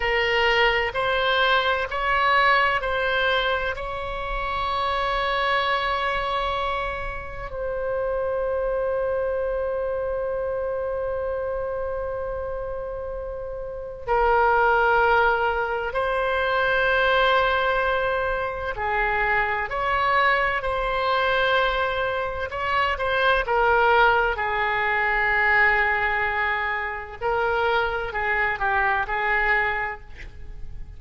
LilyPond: \new Staff \with { instrumentName = "oboe" } { \time 4/4 \tempo 4 = 64 ais'4 c''4 cis''4 c''4 | cis''1 | c''1~ | c''2. ais'4~ |
ais'4 c''2. | gis'4 cis''4 c''2 | cis''8 c''8 ais'4 gis'2~ | gis'4 ais'4 gis'8 g'8 gis'4 | }